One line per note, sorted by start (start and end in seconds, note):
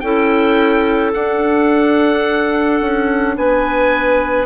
0.00 1.14 C#4
0.00 1.13 E4
0.00 3.36 A4
0.00 1.11 G5
1.13 4.46 D4
1.13 2.81 D4
1.13 3.36 F#5
2.81 3.37 C#4
3.37 4.46 B3
3.37 4.46 B4
3.37 4.46 G#5